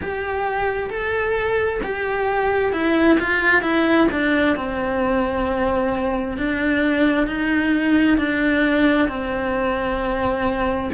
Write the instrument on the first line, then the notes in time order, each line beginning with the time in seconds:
cello
0.02 G4
0.90 A4
1.83 G4
2.72 E4
3.19 F4
3.62 E4
4.12 D4
4.56 C4
6.37 D4
7.26 D#4
8.17 D4
9.08 C4